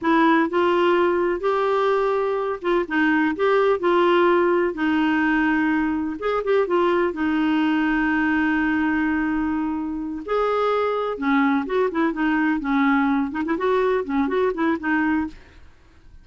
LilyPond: \new Staff \with { instrumentName = "clarinet" } { \time 4/4 \tempo 4 = 126 e'4 f'2 g'4~ | g'4. f'8 dis'4 g'4 | f'2 dis'2~ | dis'4 gis'8 g'8 f'4 dis'4~ |
dis'1~ | dis'4. gis'2 cis'8~ | cis'8 fis'8 e'8 dis'4 cis'4. | dis'16 e'16 fis'4 cis'8 fis'8 e'8 dis'4 | }